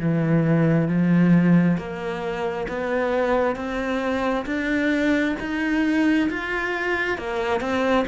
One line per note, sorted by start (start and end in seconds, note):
0.00 0.88 E3
0.88 1.77 F3
1.77 2.67 A#3
2.68 3.56 B3
3.56 4.45 C4
4.46 5.35 D4
5.40 6.29 D#4
6.29 7.18 F4
7.18 7.60 A#3
7.60 8.05 C4